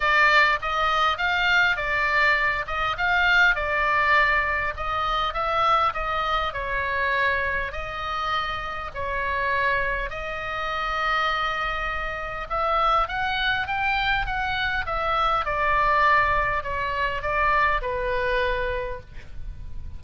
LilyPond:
\new Staff \with { instrumentName = "oboe" } { \time 4/4 \tempo 4 = 101 d''4 dis''4 f''4 d''4~ | d''8 dis''8 f''4 d''2 | dis''4 e''4 dis''4 cis''4~ | cis''4 dis''2 cis''4~ |
cis''4 dis''2.~ | dis''4 e''4 fis''4 g''4 | fis''4 e''4 d''2 | cis''4 d''4 b'2 | }